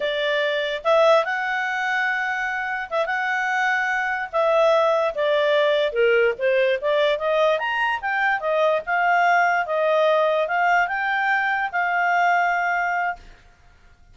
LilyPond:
\new Staff \with { instrumentName = "clarinet" } { \time 4/4 \tempo 4 = 146 d''2 e''4 fis''4~ | fis''2. e''8 fis''8~ | fis''2~ fis''8 e''4.~ | e''8 d''2 ais'4 c''8~ |
c''8 d''4 dis''4 ais''4 g''8~ | g''8 dis''4 f''2 dis''8~ | dis''4. f''4 g''4.~ | g''8 f''2.~ f''8 | }